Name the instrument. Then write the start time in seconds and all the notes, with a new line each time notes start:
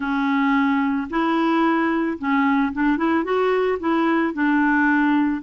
clarinet
0.00 C#4
1.10 E4
2.18 C#4
2.72 D4
2.97 E4
3.24 F#4
3.79 E4
4.33 D4